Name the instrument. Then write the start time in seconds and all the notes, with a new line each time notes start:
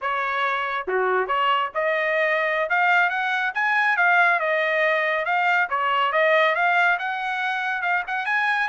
trumpet
0.01 C#5
0.87 F#4
1.27 C#5
1.74 D#5
2.69 F5
3.09 F#5
3.54 G#5
3.96 F5
4.39 D#5
5.25 F5
5.69 C#5
6.12 D#5
6.55 F5
6.99 F#5
7.81 F5
8.07 F#5
8.25 G#5